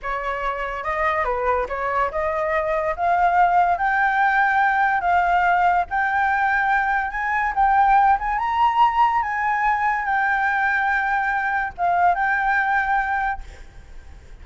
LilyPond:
\new Staff \with { instrumentName = "flute" } { \time 4/4 \tempo 4 = 143 cis''2 dis''4 b'4 | cis''4 dis''2 f''4~ | f''4 g''2. | f''2 g''2~ |
g''4 gis''4 g''4. gis''8 | ais''2 gis''2 | g''1 | f''4 g''2. | }